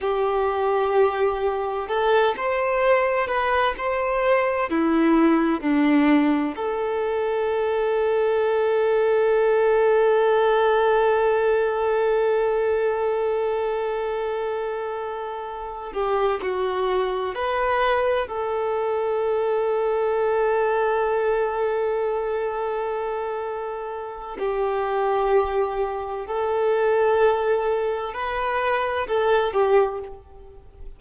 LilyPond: \new Staff \with { instrumentName = "violin" } { \time 4/4 \tempo 4 = 64 g'2 a'8 c''4 b'8 | c''4 e'4 d'4 a'4~ | a'1~ | a'1~ |
a'4 g'8 fis'4 b'4 a'8~ | a'1~ | a'2 g'2 | a'2 b'4 a'8 g'8 | }